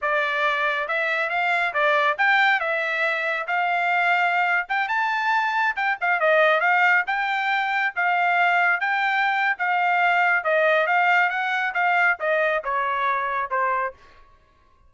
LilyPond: \new Staff \with { instrumentName = "trumpet" } { \time 4/4 \tempo 4 = 138 d''2 e''4 f''4 | d''4 g''4 e''2 | f''2~ f''8. g''8 a''8.~ | a''4~ a''16 g''8 f''8 dis''4 f''8.~ |
f''16 g''2 f''4.~ f''16~ | f''16 g''4.~ g''16 f''2 | dis''4 f''4 fis''4 f''4 | dis''4 cis''2 c''4 | }